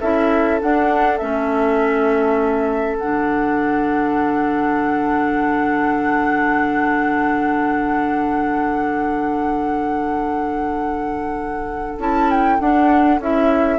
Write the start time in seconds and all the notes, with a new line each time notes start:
0.00 C#4 E4 A4 E5
0.60 D4 F#5
1.17 A3 C#4 E5
2.98 D3 D4 F#5
11.97 C#4 E4 A5
12.30 G5
12.60 D4 F#5
13.19 C#4 E4 E5